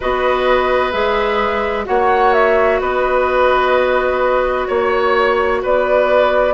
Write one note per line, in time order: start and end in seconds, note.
0.00 0.93 B3
0.00 0.92 F#4
0.00 1.85 B4
0.00 0.91 D#5
0.91 1.87 G#3
0.91 1.84 G#4
0.91 1.85 E5
1.84 2.80 A#3
1.84 6.53 F#4
1.84 2.80 C#5
1.84 2.33 F#5
2.33 2.79 E5
2.80 4.67 B3
2.80 4.67 B4
2.80 4.68 D#5
4.67 5.63 A#3
4.67 5.61 C#5
5.62 6.54 B3
5.62 6.54 B4
5.62 6.54 D5